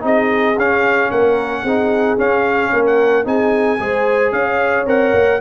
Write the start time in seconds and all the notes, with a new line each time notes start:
0.00 C4 D#4 G#4 D#5
0.57 C#4 F5
1.11 A#3 A#4 F#5
1.62 C4 D#4 G#4
2.18 C#4 F5
2.72 A#3 A#4
2.86 F#5
3.24 C4 D#4 G#4 G#5
3.79 G#3 G#4 C5
4.32 C#4 C#5 F5
4.86 C4 A#4 F#5
5.13 A#3